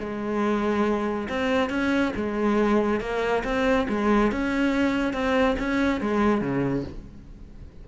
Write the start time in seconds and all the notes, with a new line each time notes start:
0.00 G#3
1.29 C4
1.70 C#4
2.17 G#3
3.01 A#3
3.44 C4
3.89 G#3
4.32 C#4
5.14 C4
5.59 C#4
6.01 G#3
6.41 C#3